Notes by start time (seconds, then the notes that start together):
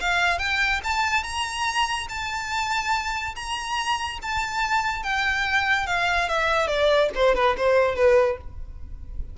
0.00 F5
0.39 G5
0.84 A5
1.23 A#5
2.09 A5
3.35 A#5
4.22 A5
5.03 G5
5.87 F5
6.28 E5
6.67 D5
7.15 C5
7.35 B4
7.57 C5
7.95 B4